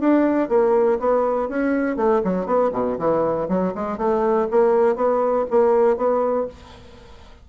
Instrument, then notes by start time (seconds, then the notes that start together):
bassoon
0.00 D4
0.49 A#3
0.99 B3
1.49 C#4
1.97 A3
2.24 F#3
2.46 B3
2.73 B2
2.99 E3
3.49 F#3
3.75 G#3
3.98 A3
4.51 A#3
4.96 B3
5.51 A#3
5.97 B3